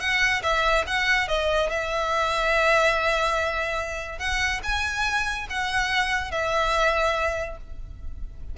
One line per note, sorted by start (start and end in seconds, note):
0.00 0.42 F#5
0.43 0.85 E5
0.87 1.28 F#5
1.28 1.70 D#5
1.70 4.19 E5
4.19 4.61 F#5
4.63 5.47 G#5
5.50 6.31 F#5
6.31 7.57 E5